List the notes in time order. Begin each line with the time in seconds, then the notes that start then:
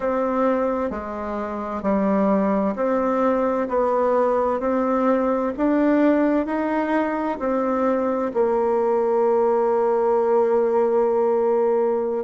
0.00 C4
0.90 G#3
1.82 G3
2.75 C4
3.68 B3
4.59 C4
5.57 D4
6.46 D#4
7.39 C4
8.33 A#3